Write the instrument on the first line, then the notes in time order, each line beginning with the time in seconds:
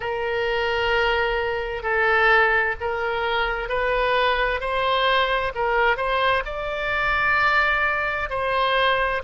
oboe
0.00 A#4
1.83 A4
2.80 A#4
3.68 B4
4.60 C5
5.54 A#4
5.97 C5
6.45 D5
8.29 C5